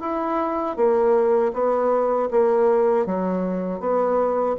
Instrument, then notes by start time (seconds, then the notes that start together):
bassoon
0.00 E4
0.76 A#3
1.53 B3
2.30 A#3
3.06 F#3
3.80 B3